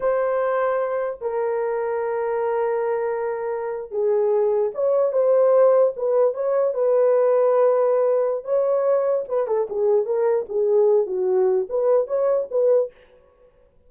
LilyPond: \new Staff \with { instrumentName = "horn" } { \time 4/4 \tempo 4 = 149 c''2. ais'4~ | ais'1~ | ais'4.~ ais'16 gis'2 cis''16~ | cis''8. c''2 b'4 cis''16~ |
cis''8. b'2.~ b'16~ | b'4 cis''2 b'8 a'8 | gis'4 ais'4 gis'4. fis'8~ | fis'4 b'4 cis''4 b'4 | }